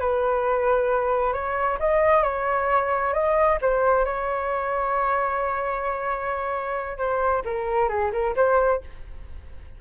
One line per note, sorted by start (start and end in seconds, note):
0.00 1.33 B4
1.33 1.78 C#5
1.79 2.23 D#5
2.23 3.13 C#5
3.13 3.58 D#5
3.61 4.05 C5
4.05 6.98 C#5
6.98 7.43 C5
7.45 7.88 A#4
7.88 8.11 G#4
8.12 8.35 A#4
8.35 8.81 C5